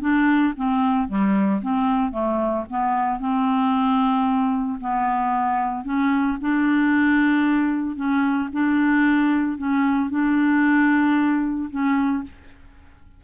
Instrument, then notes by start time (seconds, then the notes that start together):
clarinet
0.00 D4
0.56 C4
1.08 G3
1.61 C4
2.11 A3
2.69 B3
3.19 C4
4.80 B3
5.84 C#4
6.41 D4
7.95 C#4
8.52 D4
9.57 C#4
10.10 D4
11.70 C#4